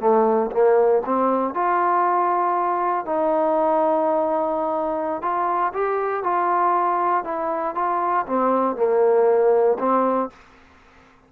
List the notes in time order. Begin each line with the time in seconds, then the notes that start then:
0.00 A3
0.52 A#3
1.05 C4
1.55 F4
3.06 D#4
5.22 F4
5.74 G4
6.24 F4
7.24 E4
7.75 F4
8.27 C4
8.76 A#3
9.79 C4